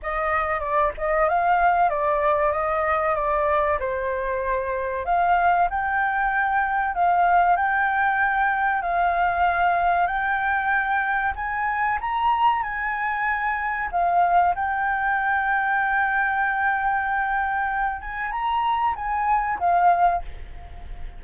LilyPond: \new Staff \with { instrumentName = "flute" } { \time 4/4 \tempo 4 = 95 dis''4 d''8 dis''8 f''4 d''4 | dis''4 d''4 c''2 | f''4 g''2 f''4 | g''2 f''2 |
g''2 gis''4 ais''4 | gis''2 f''4 g''4~ | g''1~ | g''8 gis''8 ais''4 gis''4 f''4 | }